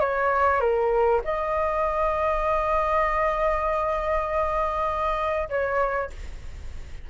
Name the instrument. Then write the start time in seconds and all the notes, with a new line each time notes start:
flute
0.00 C#5
0.60 A#4
1.25 D#5
5.49 C#5